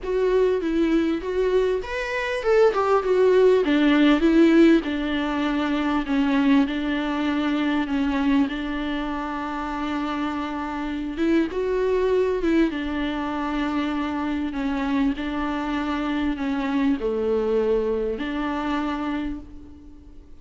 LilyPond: \new Staff \with { instrumentName = "viola" } { \time 4/4 \tempo 4 = 99 fis'4 e'4 fis'4 b'4 | a'8 g'8 fis'4 d'4 e'4 | d'2 cis'4 d'4~ | d'4 cis'4 d'2~ |
d'2~ d'8 e'8 fis'4~ | fis'8 e'8 d'2. | cis'4 d'2 cis'4 | a2 d'2 | }